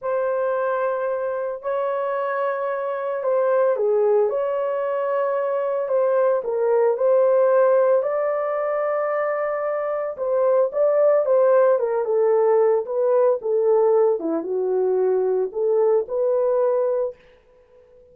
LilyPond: \new Staff \with { instrumentName = "horn" } { \time 4/4 \tempo 4 = 112 c''2. cis''4~ | cis''2 c''4 gis'4 | cis''2. c''4 | ais'4 c''2 d''4~ |
d''2. c''4 | d''4 c''4 ais'8 a'4. | b'4 a'4. e'8 fis'4~ | fis'4 a'4 b'2 | }